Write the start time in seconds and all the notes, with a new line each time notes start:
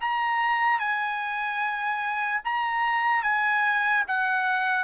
0.00 A#5
0.79 G#5
2.44 A#5
3.22 G#5
4.07 F#5